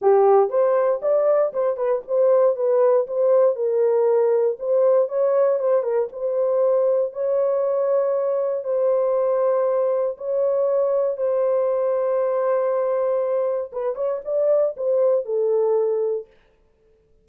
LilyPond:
\new Staff \with { instrumentName = "horn" } { \time 4/4 \tempo 4 = 118 g'4 c''4 d''4 c''8 b'8 | c''4 b'4 c''4 ais'4~ | ais'4 c''4 cis''4 c''8 ais'8 | c''2 cis''2~ |
cis''4 c''2. | cis''2 c''2~ | c''2. b'8 cis''8 | d''4 c''4 a'2 | }